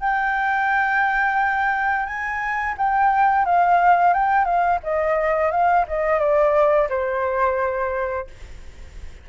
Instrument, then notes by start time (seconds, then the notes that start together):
flute
0.00 G5
2.06 G#5
2.77 G5
3.45 F5
4.13 G5
4.45 F5
4.83 D#5
5.51 F5
5.88 D#5
6.19 D5
6.89 C5